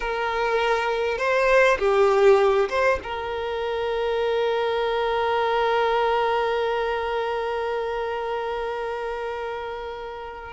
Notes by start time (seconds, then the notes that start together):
0.00 A#4
1.18 C5
1.78 G4
2.69 C5
3.03 A#4